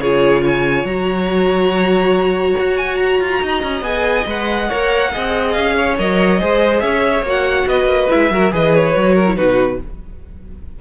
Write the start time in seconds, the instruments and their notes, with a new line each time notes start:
0.00 cello C#3, viola F4, violin G#4 C#5
0.42 violin C#5 G#5
0.84 cello F#3, viola F#4, violin A#5
2.59 cello F#4
2.78 violin G#5
2.96 violin A#5
3.21 cello F4
3.42 cello D#4, violin D#5
3.63 cello C#4
3.82 cello B3, viola G#4, violin G#5
4.27 cello G#3, viola B4, violin F#5
4.69 cello A#3, viola A#4, violin C#5
5.12 cello C4, viola G#4, violin D#5
5.52 cello C#4, violin F5
5.77 violin C#5
5.98 cello F#3, viola A#4, violin D#5
6.40 cello G#3, viola G#4, violin C5
6.81 cello C#4, violin C#5 E5
7.23 cello A#3, viola F#4
7.30 violin F#5
7.67 cello B3, violin B4 D#5
7.85 cello A#3
8.09 cello G#3, viola E4, violin E5
8.31 cello F#3, viola F#4, violin A#4
8.51 cello E3, viola G#4, violin B4 D#5
8.76 violin C#5
8.95 cello F#3, viola F#4
9.15 violin A#4
9.27 viola E4
9.37 cello B2, viola D#4, violin F#4 B4